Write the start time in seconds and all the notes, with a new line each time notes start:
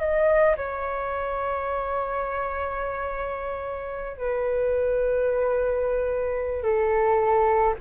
0.00 D#5
0.57 C#5
4.17 B4
6.63 A4